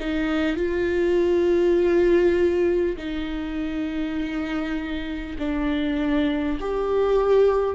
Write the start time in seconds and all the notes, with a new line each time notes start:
0.00 D#4
0.57 F4
2.97 D#4
5.39 D4
6.61 G4